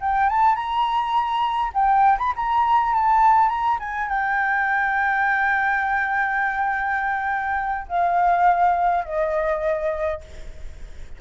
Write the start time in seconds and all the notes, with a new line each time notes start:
0.00 G5
0.29 A5
0.55 A#5
1.74 G5
2.18 B5
2.36 A#5
2.94 A5
3.49 A#5
3.79 G#5
4.09 G5
7.88 F5
9.05 D#5